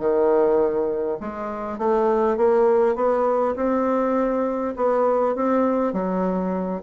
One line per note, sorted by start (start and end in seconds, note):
0.00 1.19 D#3
1.21 1.79 G#3
1.79 2.37 A3
2.37 2.96 A#3
2.96 3.55 B3
3.56 4.75 C4
4.77 5.36 B3
5.36 5.93 C4
5.93 6.82 F#3